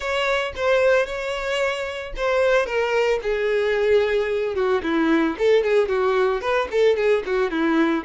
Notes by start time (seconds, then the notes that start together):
0.00 C#5
0.56 C5
1.05 C#5
2.16 C5
2.66 A#4
3.22 G#4
4.55 F#4
4.82 E4
5.38 A4
5.63 G#4
5.88 F#4
6.41 B4
6.71 A4
6.96 G#4
7.26 F#4
7.50 E4